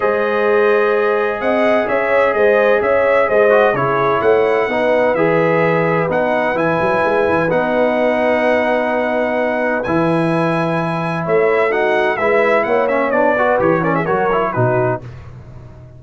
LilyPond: <<
  \new Staff \with { instrumentName = "trumpet" } { \time 4/4 \tempo 4 = 128 dis''2. fis''4 | e''4 dis''4 e''4 dis''4 | cis''4 fis''2 e''4~ | e''4 fis''4 gis''2 |
fis''1~ | fis''4 gis''2. | e''4 fis''4 e''4 fis''8 e''8 | d''4 cis''8 d''16 e''16 cis''4 b'4 | }
  \new Staff \with { instrumentName = "horn" } { \time 4/4 c''2. dis''4 | cis''4 c''4 cis''4 c''4 | gis'4 cis''4 b'2~ | b'1~ |
b'1~ | b'1 | cis''4 fis'4 b'4 cis''4~ | cis''8 b'4 ais'16 gis'16 ais'4 fis'4 | }
  \new Staff \with { instrumentName = "trombone" } { \time 4/4 gis'1~ | gis'2.~ gis'8 fis'8 | e'2 dis'4 gis'4~ | gis'4 dis'4 e'2 |
dis'1~ | dis'4 e'2.~ | e'4 dis'4 e'4. cis'8 | d'8 fis'8 g'8 cis'8 fis'8 e'8 dis'4 | }
  \new Staff \with { instrumentName = "tuba" } { \time 4/4 gis2. c'4 | cis'4 gis4 cis'4 gis4 | cis4 a4 b4 e4~ | e4 b4 e8 fis8 gis8 e8 |
b1~ | b4 e2. | a2 gis4 ais4 | b4 e4 fis4 b,4 | }
>>